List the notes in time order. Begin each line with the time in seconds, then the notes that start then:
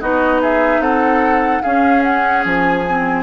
0.00 B3 D#4 F#4 D#5
0.41 G#4 E5
0.79 C4 A4 F#5
1.62 C#4 G#4 F5
2.03 F#5
2.45 F3 G#5
2.87 C4